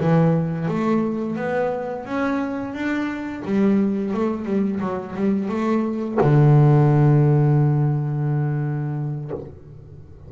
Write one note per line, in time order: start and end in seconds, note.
0.00 0.68 E3
0.68 1.36 A3
1.36 2.05 B3
2.05 2.74 C#4
2.74 3.43 D4
3.45 4.14 G3
4.14 4.45 A3
4.45 4.80 G3
4.80 5.14 F#3
5.15 5.49 G3
5.49 6.18 A3
6.21 9.31 D3